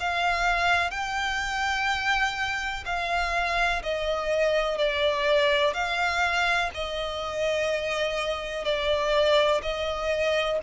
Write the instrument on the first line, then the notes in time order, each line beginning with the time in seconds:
violin
0.00 F5
0.91 G5
2.86 F5
3.83 D#5
4.78 D5
5.74 F5
6.75 D#5
8.65 D5
9.63 D#5